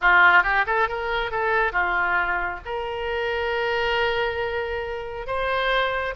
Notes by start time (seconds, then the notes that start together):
0.01 F4
0.43 G4
0.66 A4
0.88 A#4
1.31 A4
1.72 F4
2.65 A#4
5.27 C5